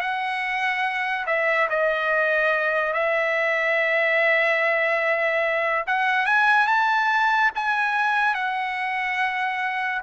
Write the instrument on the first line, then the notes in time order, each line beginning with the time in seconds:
trumpet
0.00 F#5
1.26 E5
1.70 D#5
2.93 E5
5.86 F#5
6.26 G#5
6.67 A5
7.55 G#5
8.34 F#5